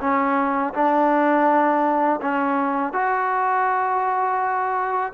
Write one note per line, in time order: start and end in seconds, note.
0.00 0.73 C#4
0.74 2.20 D4
2.21 2.93 C#4
2.93 5.12 F#4